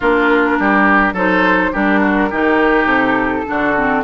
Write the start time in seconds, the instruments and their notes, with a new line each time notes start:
0.00 bassoon A#3, clarinet D4, oboe F4, flute A#4
0.59 bassoon G3, oboe G4
1.13 bassoon F#3, clarinet D#4, oboe A4, flute C5
1.72 bassoon G3, clarinet D4, oboe G4, flute A#4
2.00 oboe F#4
2.29 bassoon D#3, clarinet D#4, oboe G4
2.84 bassoon C3, flute A4
3.46 bassoon D3, clarinet D4, oboe F#4
3.76 clarinet C4